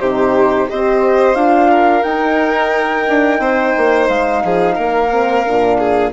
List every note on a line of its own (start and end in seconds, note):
0.00 0.68 C3
0.00 0.69 D#4
0.00 0.68 G4
0.00 0.68 C5
0.69 1.35 C4
0.69 1.35 G4
0.69 1.71 C5
0.69 1.35 D#5
1.35 2.03 D4
1.35 2.04 F4
1.35 2.03 F5
1.71 3.40 A#4
2.03 3.06 D#4
2.03 5.11 D#4
2.03 4.07 G5
3.09 3.39 D4
3.39 3.73 C4
3.39 4.43 C5
3.77 4.09 A#3
4.08 4.43 G#3
4.08 6.12 F5
4.44 4.78 F3
4.44 4.75 G#4
4.75 5.46 A#3
4.75 5.77 A#4
5.11 5.45 C4
5.45 6.12 A#2
5.45 6.12 D4
5.78 6.12 G#4